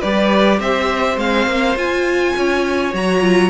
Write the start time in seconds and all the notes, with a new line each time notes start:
0.00 G3 G4 B4 D5
0.59 C4 C5 E5
1.17 G#3 C4 F5
1.46 A#3
1.75 F4 G#5
2.36 C#4 C#5
2.93 F#3 F#4 A#5
3.21 F4